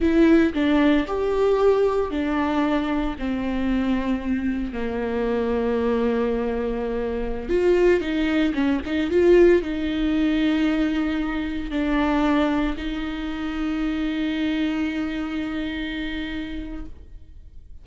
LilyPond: \new Staff \with { instrumentName = "viola" } { \time 4/4 \tempo 4 = 114 e'4 d'4 g'2 | d'2 c'2~ | c'4 ais2.~ | ais2~ ais16 f'4 dis'8.~ |
dis'16 cis'8 dis'8 f'4 dis'4.~ dis'16~ | dis'2~ dis'16 d'4.~ d'16~ | d'16 dis'2.~ dis'8.~ | dis'1 | }